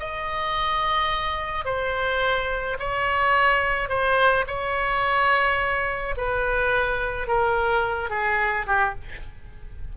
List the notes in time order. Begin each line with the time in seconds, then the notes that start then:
0.00 D#5
1.66 C5
2.79 C#5
3.89 C5
4.47 C#5
6.17 B4
7.28 A#4
8.10 G#4
8.67 G4